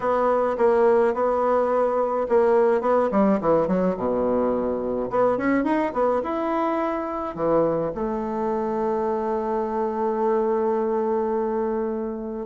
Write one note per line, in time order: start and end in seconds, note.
0.00 0.57 B3
0.57 1.13 A#3
1.13 2.27 B3
2.28 2.81 A#3
2.81 3.09 B3
3.11 3.39 G3
3.41 3.67 E3
3.67 3.96 F#3
3.96 5.09 B2
5.10 5.37 B3
5.37 5.64 C#4
5.64 5.92 D#4
5.93 6.21 B3
6.23 7.35 E4
7.35 7.91 E3
7.94 12.46 A3